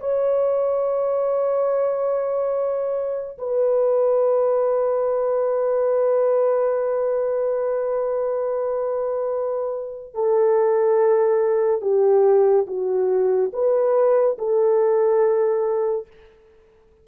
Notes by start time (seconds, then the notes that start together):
0.00 C#5
3.38 B4
10.14 A4
11.82 G4
12.67 F#4
13.53 B4
14.38 A4